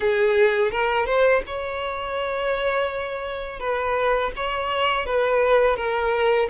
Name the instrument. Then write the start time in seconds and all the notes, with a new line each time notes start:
violin
0.00 G#4
0.71 A#4
1.05 C5
1.46 C#5
3.59 B4
4.35 C#5
5.06 B4
5.76 A#4